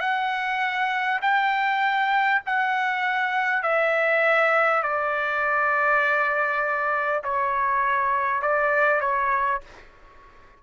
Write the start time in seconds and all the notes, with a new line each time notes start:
0.00 F#5
1.22 G5
2.45 F#5
3.62 E5
4.82 D5
7.23 C#5
8.42 D5
9.01 C#5